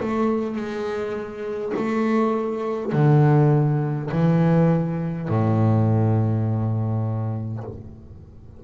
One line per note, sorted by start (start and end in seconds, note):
0.00 0.56 A3
0.56 1.73 G#3
1.76 2.93 A3
2.93 4.10 D3
4.11 5.28 E3
5.28 7.64 A2